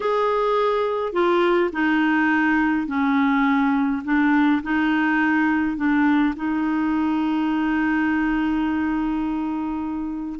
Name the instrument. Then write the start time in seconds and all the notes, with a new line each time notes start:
clarinet
0.00 G#4
1.12 F4
1.72 D#4
2.87 C#4
4.04 D4
4.62 D#4
5.76 D4
6.35 D#4